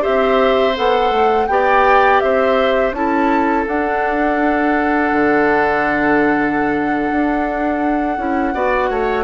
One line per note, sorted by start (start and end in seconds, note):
0.00 0.77 C4
0.00 0.72 G4
0.00 1.46 C5
0.00 0.76 E5
0.75 1.10 B3
0.75 1.48 A4
0.75 1.47 F#5
1.10 1.46 A3
1.47 2.21 B3
1.47 2.93 G4
1.47 2.23 D5
1.47 2.19 G5
2.19 2.92 C4
2.19 2.95 C5
2.19 2.92 E5
2.92 3.64 C#4
2.92 3.66 E4
2.92 8.54 A4
2.92 3.66 A5
3.67 5.11 D4
3.67 8.17 D4
3.67 9.24 F#5
5.11 7.10 D3
7.11 8.18 D4
8.17 8.54 C#4
8.17 8.53 E4
8.53 8.90 B3
8.53 9.24 F#4
8.53 8.90 D5
8.90 9.24 A3
8.90 9.24 C#5